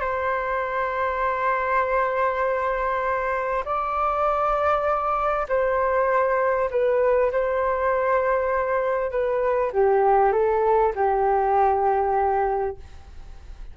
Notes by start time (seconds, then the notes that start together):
0.00 C5
3.64 D5
5.48 C5
6.70 B4
7.31 C5
9.10 B4
9.72 G4
10.32 A4
10.95 G4